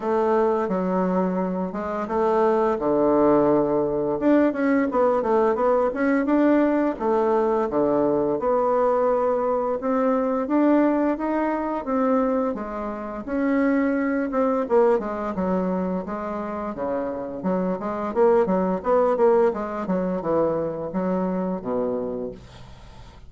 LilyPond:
\new Staff \with { instrumentName = "bassoon" } { \time 4/4 \tempo 4 = 86 a4 fis4. gis8 a4 | d2 d'8 cis'8 b8 a8 | b8 cis'8 d'4 a4 d4 | b2 c'4 d'4 |
dis'4 c'4 gis4 cis'4~ | cis'8 c'8 ais8 gis8 fis4 gis4 | cis4 fis8 gis8 ais8 fis8 b8 ais8 | gis8 fis8 e4 fis4 b,4 | }